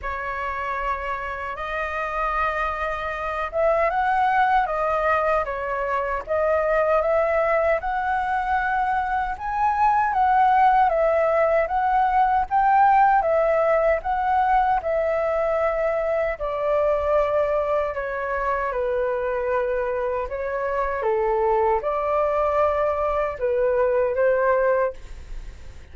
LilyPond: \new Staff \with { instrumentName = "flute" } { \time 4/4 \tempo 4 = 77 cis''2 dis''2~ | dis''8 e''8 fis''4 dis''4 cis''4 | dis''4 e''4 fis''2 | gis''4 fis''4 e''4 fis''4 |
g''4 e''4 fis''4 e''4~ | e''4 d''2 cis''4 | b'2 cis''4 a'4 | d''2 b'4 c''4 | }